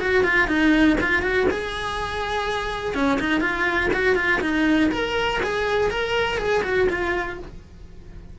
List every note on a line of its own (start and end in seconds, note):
0.00 0.24 F#4
0.24 0.48 F4
0.48 0.97 D#4
1.01 1.23 F4
1.23 1.47 F#4
1.51 2.95 G#4
2.95 3.19 C#4
3.20 3.41 D#4
3.41 3.90 F4
3.93 4.16 F#4
4.16 4.41 F4
4.42 4.91 D#4
4.91 5.41 A#4
5.43 5.91 G#4
5.91 6.38 A#4
6.38 6.63 G#4
6.63 6.88 F#4
6.90 7.39 F4